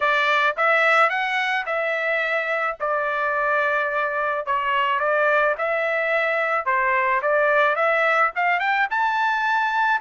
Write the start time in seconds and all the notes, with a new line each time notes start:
0.00 D5
0.57 E5
1.09 F#5
1.65 E5
2.80 D5
4.46 C#5
4.99 D5
5.58 E5
6.65 C5
7.22 D5
7.75 E5
8.35 F5
8.59 G5
8.90 A5